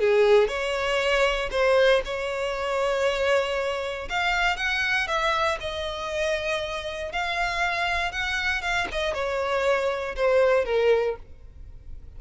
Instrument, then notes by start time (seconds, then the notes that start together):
violin
0.00 G#4
0.48 C#5
1.51 C5
2.05 C#5
4.09 F5
4.57 F#5
5.08 E5
5.60 D#5
7.12 F5
8.12 F#5
8.62 F5
8.92 D#5
9.14 C#5
10.16 C5
10.65 A#4